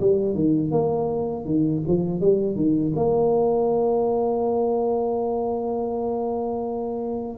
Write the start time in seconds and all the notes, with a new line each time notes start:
0.00 G3
0.34 D#3
0.71 A#3
1.45 D#3
1.87 F3
2.21 G3
2.56 D#3
2.96 A#3